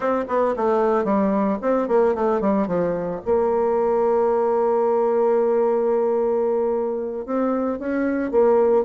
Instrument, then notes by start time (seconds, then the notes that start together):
bassoon
0.00 C4
0.28 B3
0.56 A3
1.04 G3
1.61 C4
1.87 A#3
2.15 A3
2.40 G3
2.67 F3
3.25 A#3
7.25 C4
7.79 C#4
8.31 A#3